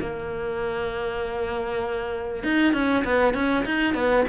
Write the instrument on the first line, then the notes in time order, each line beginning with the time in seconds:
cello
0.00 A#3
2.44 D#4
2.73 C#4
3.04 B3
3.34 C#4
3.65 D#4
3.94 B3